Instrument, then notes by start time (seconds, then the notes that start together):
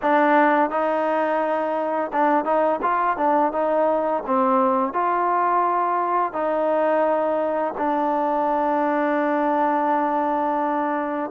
trombone
0.02 D4
0.70 D#4
2.12 D4
2.44 D#4
2.81 F4
3.17 D4
3.52 D#4
4.26 C4
4.93 F4
6.32 D#4
7.77 D4